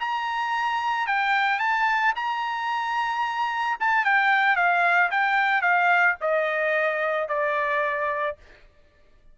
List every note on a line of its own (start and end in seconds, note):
0.00 1.07 A#5
1.07 1.59 G5
1.59 2.14 A5
2.16 3.78 A#5
3.80 4.05 A5
4.05 4.56 G5
4.56 5.10 F5
5.11 5.62 G5
5.62 6.16 F5
6.21 7.29 D#5
7.29 8.37 D5